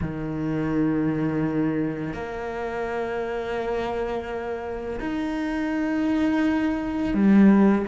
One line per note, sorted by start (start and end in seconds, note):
0.01 2.13 D#3
2.13 4.99 A#3
4.99 7.14 D#4
7.14 7.85 G3